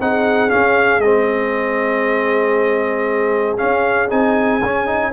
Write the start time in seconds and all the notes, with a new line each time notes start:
0.00 C4 D#4 G#4 F#5
0.49 C#4 F5
0.99 G#3 C4 D#5
3.57 C#4 F5
4.09 C4 D#4 G#5
4.62 C#4
4.86 D#4